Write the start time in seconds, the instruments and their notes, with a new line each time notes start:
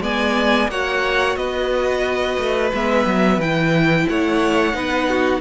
0.00 cello G#3, viola B3, violin D5 G#5
0.68 cello A#3, viola F#4, violin C#5 F#5
1.36 cello B3, violin B4 D#5
2.38 cello A3
2.73 cello G#3, viola B3, violin E5
3.06 cello F#3
3.38 cello E3, viola E4, violin G5
4.09 cello A3, violin C#5 F#5
4.73 cello B3, viola D#4, violin B4
5.09 violin F#4